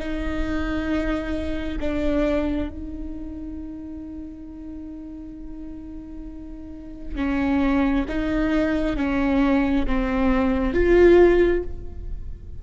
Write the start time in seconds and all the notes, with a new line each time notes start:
0.00 D#4
1.81 D4
2.69 D#4
7.16 C#4
8.09 D#4
8.97 C#4
9.87 C4
10.74 F4